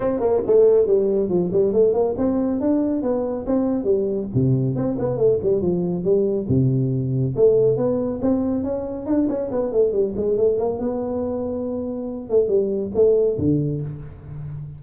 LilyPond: \new Staff \with { instrumentName = "tuba" } { \time 4/4 \tempo 4 = 139 c'8 ais8 a4 g4 f8 g8 | a8 ais8 c'4 d'4 b4 | c'4 g4 c4 c'8 b8 | a8 g8 f4 g4 c4~ |
c4 a4 b4 c'4 | cis'4 d'8 cis'8 b8 a8 g8 gis8 | a8 ais8 b2.~ | b8 a8 g4 a4 d4 | }